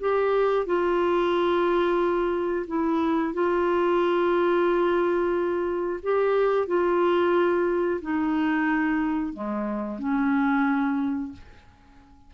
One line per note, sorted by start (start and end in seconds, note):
0.00 0.66 G4
0.66 2.66 F4
2.67 3.34 E4
3.34 6.00 F4
6.03 6.67 G4
6.67 8.01 F4
8.02 9.33 D#4
9.33 9.99 G#3
9.99 11.32 C#4